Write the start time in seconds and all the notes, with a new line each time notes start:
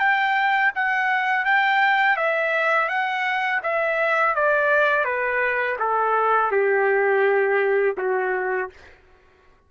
0.00 G5
0.75 F#5
1.46 G5
2.17 E5
2.89 F#5
3.63 E5
4.35 D5
5.05 B4
5.80 A4
6.52 G4
7.98 F#4